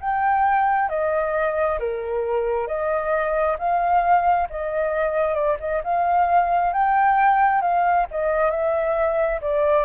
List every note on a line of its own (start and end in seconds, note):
0.00 0.89 G5
0.89 1.78 D#5
1.79 2.67 A#4
2.67 3.57 D#5
3.59 4.48 F5
4.50 5.34 D#5
5.34 5.56 D5
5.60 5.82 D#5
5.84 6.72 F5
6.72 7.61 G5
7.61 8.06 F5
8.11 8.50 D#5
8.50 9.40 E5
9.41 9.85 D5